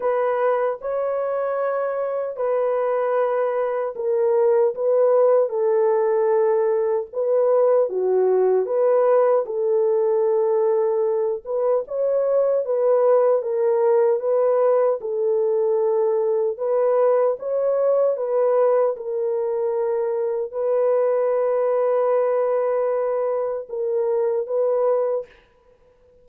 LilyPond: \new Staff \with { instrumentName = "horn" } { \time 4/4 \tempo 4 = 76 b'4 cis''2 b'4~ | b'4 ais'4 b'4 a'4~ | a'4 b'4 fis'4 b'4 | a'2~ a'8 b'8 cis''4 |
b'4 ais'4 b'4 a'4~ | a'4 b'4 cis''4 b'4 | ais'2 b'2~ | b'2 ais'4 b'4 | }